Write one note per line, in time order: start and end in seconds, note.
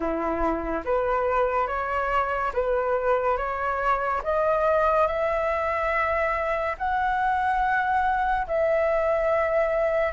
0.00 0.83 E4
0.85 1.67 B4
1.67 2.51 C#5
2.54 3.36 B4
3.36 4.21 C#5
4.23 5.07 D#5
5.07 6.76 E5
6.78 8.47 F#5
8.47 10.12 E5